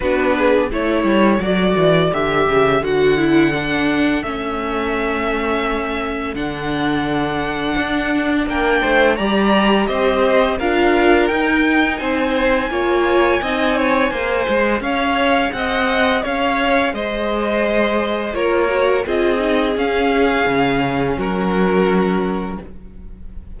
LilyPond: <<
  \new Staff \with { instrumentName = "violin" } { \time 4/4 \tempo 4 = 85 b'4 cis''4 d''4 e''4 | fis''2 e''2~ | e''4 fis''2. | g''4 ais''4 dis''4 f''4 |
g''4 gis''2.~ | gis''4 f''4 fis''4 f''4 | dis''2 cis''4 dis''4 | f''2 ais'2 | }
  \new Staff \with { instrumentName = "violin" } { \time 4/4 fis'8 gis'8 a'2.~ | a'1~ | a'1 | ais'8 c''8 d''4 c''4 ais'4~ |
ais'4 c''4 cis''4 dis''8 cis''8 | c''4 cis''4 dis''4 cis''4 | c''2 ais'4 gis'4~ | gis'2 fis'2 | }
  \new Staff \with { instrumentName = "viola" } { \time 4/4 d'4 e'4 fis'4 g'4 | fis'8 e'8 d'4 cis'2~ | cis'4 d'2.~ | d'4 g'2 f'4 |
dis'2 f'4 dis'4 | gis'1~ | gis'2 f'8 fis'8 f'8 dis'8 | cis'1 | }
  \new Staff \with { instrumentName = "cello" } { \time 4/4 b4 a8 g8 fis8 e8 d8 cis8 | d2 a2~ | a4 d2 d'4 | ais8 a8 g4 c'4 d'4 |
dis'4 c'4 ais4 c'4 | ais8 gis8 cis'4 c'4 cis'4 | gis2 ais4 c'4 | cis'4 cis4 fis2 | }
>>